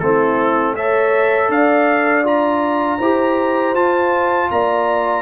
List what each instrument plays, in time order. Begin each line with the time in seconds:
0.00 tuba A3, trombone C4, horn E4, trumpet A4
0.76 trombone A4, horn C#5, trumpet E5
1.49 tuba D4, horn D5, trumpet F5
2.24 trombone F4, trumpet A#5
2.99 tuba E4, trombone G4, horn C5
3.75 tuba F4, trombone F4, trumpet A5
4.51 tuba A#3, horn D5, trumpet A#5